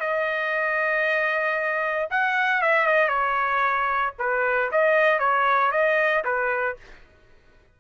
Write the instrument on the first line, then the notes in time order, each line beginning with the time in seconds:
trumpet
0.00 D#5
2.11 F#5
2.62 E5
2.86 D#5
3.09 C#5
4.19 B4
4.72 D#5
5.19 C#5
5.72 D#5
6.24 B4